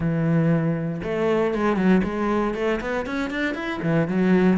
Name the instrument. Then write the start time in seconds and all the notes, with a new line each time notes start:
cello
0.00 E3
1.03 A3
1.54 G#3
1.76 F#3
2.03 G#3
2.54 A3
2.80 B3
3.05 C#4
3.30 D4
3.54 E4
3.82 E3
4.07 F#3